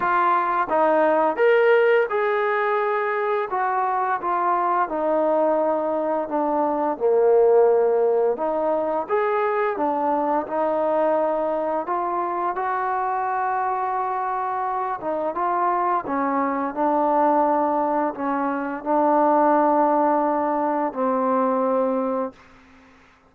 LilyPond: \new Staff \with { instrumentName = "trombone" } { \time 4/4 \tempo 4 = 86 f'4 dis'4 ais'4 gis'4~ | gis'4 fis'4 f'4 dis'4~ | dis'4 d'4 ais2 | dis'4 gis'4 d'4 dis'4~ |
dis'4 f'4 fis'2~ | fis'4. dis'8 f'4 cis'4 | d'2 cis'4 d'4~ | d'2 c'2 | }